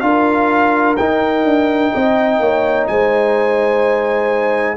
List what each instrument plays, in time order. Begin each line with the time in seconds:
0.00 tuba D4, trombone F4, horn A#4, trumpet F5
0.97 trombone D#4, tuba D#4, trumpet G5
1.45 tuba D4
1.94 tuba C4, horn D#5
2.40 tuba A#3, horn C#5
2.88 tuba G#3, horn C5, trumpet G#5